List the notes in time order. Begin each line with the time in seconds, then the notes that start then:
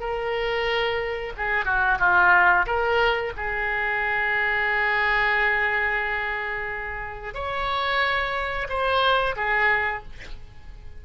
0.00 A#4
1.38 G#4
1.65 F#4
1.99 F4
2.66 A#4
3.37 G#4
7.35 C#5
8.69 C5
9.37 G#4